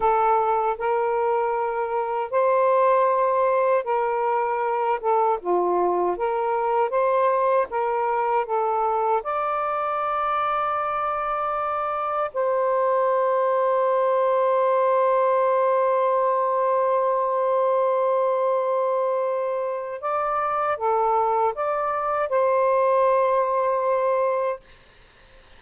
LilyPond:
\new Staff \with { instrumentName = "saxophone" } { \time 4/4 \tempo 4 = 78 a'4 ais'2 c''4~ | c''4 ais'4. a'8 f'4 | ais'4 c''4 ais'4 a'4 | d''1 |
c''1~ | c''1~ | c''2 d''4 a'4 | d''4 c''2. | }